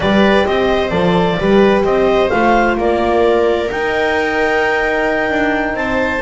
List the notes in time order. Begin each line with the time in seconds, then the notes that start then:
0.00 G3 G4 B4 D5
0.46 C4 C5 D#5
0.89 F3 A4 D5
1.39 G3 G4 B4
1.84 C4 C5 D#5
2.29 A3 F4 F5
2.77 A#3 A#4 D5
3.70 D#4 G5
5.29 D4
5.74 C4 C5 A5